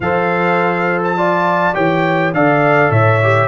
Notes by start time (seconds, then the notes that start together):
0.00 F3 A4 C5 F5
1.03 A5
1.17 F4 D5
1.73 E3 G4 C#5 G5
2.33 D3 A4 D5 F5
2.90 A2 C#5 E5
3.22 G4